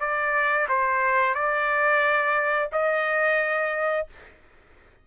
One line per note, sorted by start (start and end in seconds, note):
0.00 0.67 D5
0.68 1.35 C5
1.35 2.69 D5
2.72 4.07 D#5